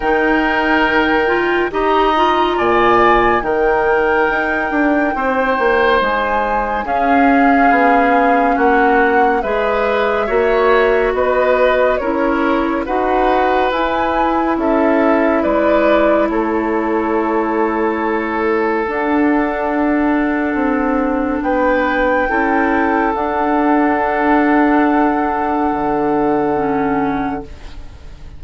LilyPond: <<
  \new Staff \with { instrumentName = "flute" } { \time 4/4 \tempo 4 = 70 g''2 ais''4 gis''4 | g''2. gis''4 | f''2 fis''4 e''4~ | e''4 dis''4 cis''4 fis''4 |
gis''4 e''4 d''4 cis''4~ | cis''2 fis''2~ | fis''4 g''2 fis''4~ | fis''1 | }
  \new Staff \with { instrumentName = "oboe" } { \time 4/4 ais'2 dis''4 d''4 | ais'2 c''2 | gis'2 fis'4 b'4 | cis''4 b'4 ais'4 b'4~ |
b'4 a'4 b'4 a'4~ | a'1~ | a'4 b'4 a'2~ | a'1 | }
  \new Staff \with { instrumentName = "clarinet" } { \time 4/4 dis'4. f'8 g'8 f'4. | dis'1 | cis'2. gis'4 | fis'2 e'4 fis'4 |
e'1~ | e'2 d'2~ | d'2 e'4 d'4~ | d'2. cis'4 | }
  \new Staff \with { instrumentName = "bassoon" } { \time 4/4 dis2 dis'4 ais,4 | dis4 dis'8 d'8 c'8 ais8 gis4 | cis'4 b4 ais4 gis4 | ais4 b4 cis'4 dis'4 |
e'4 cis'4 gis4 a4~ | a2 d'2 | c'4 b4 cis'4 d'4~ | d'2 d2 | }
>>